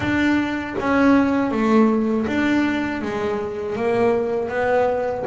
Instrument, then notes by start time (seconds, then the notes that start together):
double bass
0.00 D4
0.79 C#4
1.51 A3
2.26 D4
3.01 G#3
3.76 A#3
4.48 B3